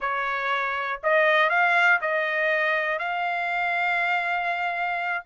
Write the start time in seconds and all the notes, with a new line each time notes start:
0.00 C#5
1.02 D#5
1.49 F5
2.01 D#5
2.99 F5